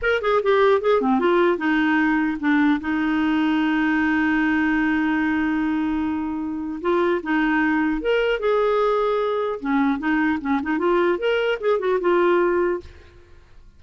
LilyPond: \new Staff \with { instrumentName = "clarinet" } { \time 4/4 \tempo 4 = 150 ais'8 gis'8 g'4 gis'8 c'8 f'4 | dis'2 d'4 dis'4~ | dis'1~ | dis'1~ |
dis'4 f'4 dis'2 | ais'4 gis'2. | cis'4 dis'4 cis'8 dis'8 f'4 | ais'4 gis'8 fis'8 f'2 | }